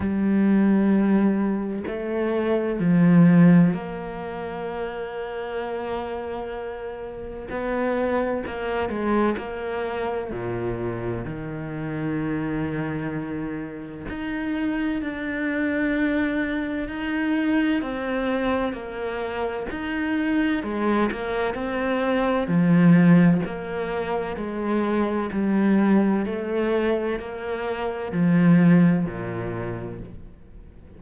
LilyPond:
\new Staff \with { instrumentName = "cello" } { \time 4/4 \tempo 4 = 64 g2 a4 f4 | ais1 | b4 ais8 gis8 ais4 ais,4 | dis2. dis'4 |
d'2 dis'4 c'4 | ais4 dis'4 gis8 ais8 c'4 | f4 ais4 gis4 g4 | a4 ais4 f4 ais,4 | }